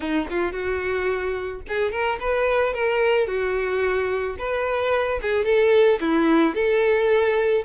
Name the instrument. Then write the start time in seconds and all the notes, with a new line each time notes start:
violin
0.00 D#4
0.30 F4
0.52 F#4
1.68 G#4
1.91 A#4
2.19 B4
2.73 A#4
3.27 F#4
4.38 B4
5.22 G#4
5.44 A4
6.00 E4
6.55 A4